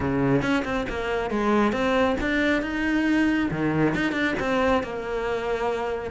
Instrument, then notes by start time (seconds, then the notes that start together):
cello
0.00 C#3
0.41 C#4
0.64 C4
0.89 A#3
1.30 G#3
1.72 C4
2.21 D4
2.62 D#4
3.51 D#3
3.94 D#4
4.12 D4
4.39 C4
4.83 A#3